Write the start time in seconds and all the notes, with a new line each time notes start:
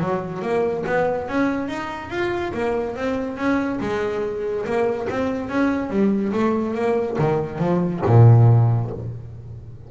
0.00 F#3
0.41 A#3
0.86 B3
1.28 C#4
1.68 D#4
2.10 F4
2.53 A#3
2.95 C4
3.37 C#4
3.80 G#3
4.65 A#3
5.09 C4
5.49 C#4
5.89 G3
6.32 A3
6.74 A#3
7.18 D#3
7.58 F3
8.06 A#2